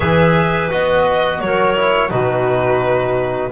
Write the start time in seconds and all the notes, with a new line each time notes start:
0.00 E3 G#4 B4 E5
0.69 B3 F#4 D#5
1.40 F#3 A#4 C#5
1.76 E4
2.09 B2 D#4 F#4 B4